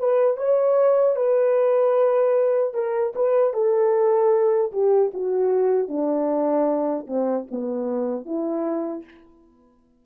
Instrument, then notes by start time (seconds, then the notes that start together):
horn
0.00 B4
0.38 C#5
1.16 B4
2.74 A#4
3.16 B4
3.54 A4
4.73 G4
5.14 F#4
5.89 D4
7.07 C4
7.51 B3
8.26 E4